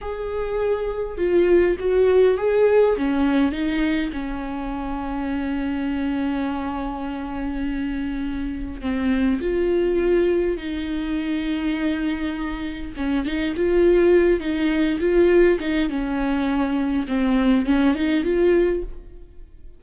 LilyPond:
\new Staff \with { instrumentName = "viola" } { \time 4/4 \tempo 4 = 102 gis'2 f'4 fis'4 | gis'4 cis'4 dis'4 cis'4~ | cis'1~ | cis'2. c'4 |
f'2 dis'2~ | dis'2 cis'8 dis'8 f'4~ | f'8 dis'4 f'4 dis'8 cis'4~ | cis'4 c'4 cis'8 dis'8 f'4 | }